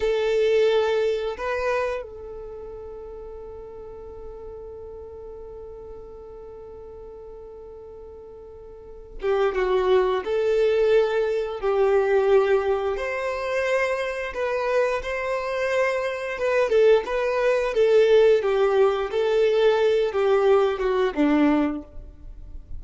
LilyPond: \new Staff \with { instrumentName = "violin" } { \time 4/4 \tempo 4 = 88 a'2 b'4 a'4~ | a'1~ | a'1~ | a'4. g'8 fis'4 a'4~ |
a'4 g'2 c''4~ | c''4 b'4 c''2 | b'8 a'8 b'4 a'4 g'4 | a'4. g'4 fis'8 d'4 | }